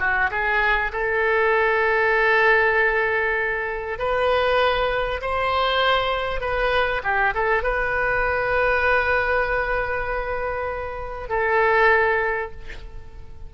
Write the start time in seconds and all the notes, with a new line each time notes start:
0.00 F#4
0.31 G#4
0.93 A4
3.99 B4
5.22 C5
6.41 B4
7.04 G4
7.35 A4
7.64 B4
11.30 A4